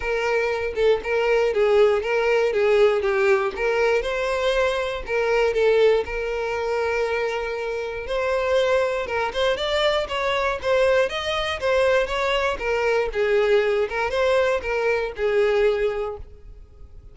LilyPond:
\new Staff \with { instrumentName = "violin" } { \time 4/4 \tempo 4 = 119 ais'4. a'8 ais'4 gis'4 | ais'4 gis'4 g'4 ais'4 | c''2 ais'4 a'4 | ais'1 |
c''2 ais'8 c''8 d''4 | cis''4 c''4 dis''4 c''4 | cis''4 ais'4 gis'4. ais'8 | c''4 ais'4 gis'2 | }